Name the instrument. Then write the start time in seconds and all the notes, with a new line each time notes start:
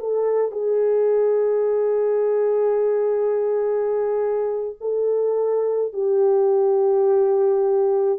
horn
0.00 A4
0.52 G#4
4.81 A4
5.93 G4